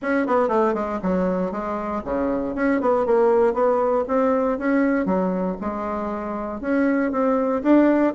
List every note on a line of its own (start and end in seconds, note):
0.01 0.26 C#4
0.26 0.48 B3
0.48 0.73 A3
0.74 0.99 G#3
1.02 1.51 F#3
1.51 2.02 G#3
2.04 2.55 C#3
2.55 2.80 C#4
2.81 3.06 B3
3.06 3.53 A#3
3.53 4.04 B3
4.07 4.58 C4
4.58 5.05 C#4
5.05 5.56 F#3
5.60 6.60 G#3
6.60 7.11 C#4
7.11 7.62 C4
7.62 8.13 D4